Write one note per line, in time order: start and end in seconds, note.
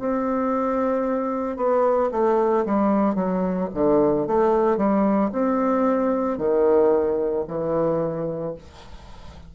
0.00 1.57 C4
1.57 2.10 B3
2.12 2.65 A3
2.66 3.16 G3
3.16 3.69 F#3
3.75 4.28 D3
4.28 4.77 A3
4.77 5.31 G3
5.32 6.38 C4
6.38 7.45 D#3
7.48 8.55 E3